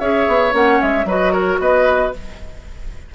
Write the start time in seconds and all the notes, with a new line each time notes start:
0.00 C#4 G#4 C#5 E5
0.28 B3
0.52 A#3 C#4 F#5
0.82 G#3 E5
1.05 F#3 F#4 B4 D#5
1.33 A#4 C#5
1.60 B3 B4 D#5